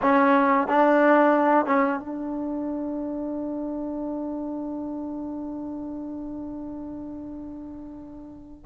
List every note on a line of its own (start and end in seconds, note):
0.02 0.67 C#4
0.67 1.66 D4
1.66 1.99 C#4
1.99 8.65 D4